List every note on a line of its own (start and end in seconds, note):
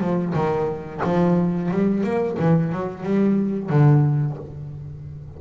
0.00 0.33 F3
0.34 1.01 D#3
1.04 1.71 F3
1.71 2.04 G3
2.04 2.37 A#3
2.39 2.72 E3
2.72 3.03 F#3
3.03 3.70 G3
3.70 4.37 D3